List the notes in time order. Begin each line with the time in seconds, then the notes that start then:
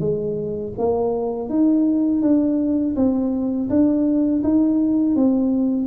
0.00 G#3
0.78 A#3
1.50 D#4
2.23 D4
2.96 C4
3.70 D4
4.44 D#4
5.16 C4